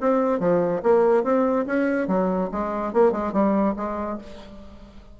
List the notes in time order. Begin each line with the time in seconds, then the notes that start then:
0.00 C4
0.39 F3
0.82 A#3
1.23 C4
1.66 C#4
2.07 F#3
2.51 G#3
2.93 A#3
3.12 G#3
3.33 G3
3.76 G#3